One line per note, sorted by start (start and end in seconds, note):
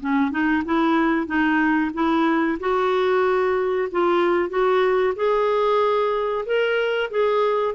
0.00 0.30 C#4
0.30 0.63 D#4
0.65 1.26 E4
1.26 1.91 D#4
1.94 2.58 E4
2.60 3.89 F#4
3.91 4.49 F4
4.49 5.14 F#4
5.16 6.45 G#4
6.45 7.10 A#4
7.10 7.75 G#4